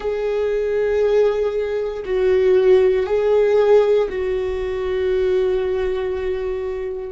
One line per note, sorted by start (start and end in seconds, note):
0.00 2.03 G#4
2.05 3.06 F#4
3.06 4.08 G#4
4.09 7.12 F#4